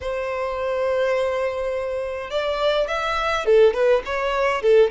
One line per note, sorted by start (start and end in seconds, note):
0.01 2.30 C5
2.30 2.87 D5
2.87 3.45 E5
3.45 3.73 A4
3.73 4.02 B4
4.05 4.62 C#5
4.62 4.90 A4